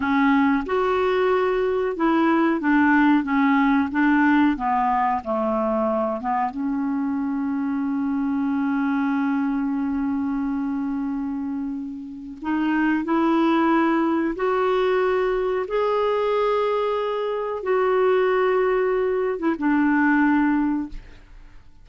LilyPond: \new Staff \with { instrumentName = "clarinet" } { \time 4/4 \tempo 4 = 92 cis'4 fis'2 e'4 | d'4 cis'4 d'4 b4 | a4. b8 cis'2~ | cis'1~ |
cis'2. dis'4 | e'2 fis'2 | gis'2. fis'4~ | fis'4.~ fis'16 e'16 d'2 | }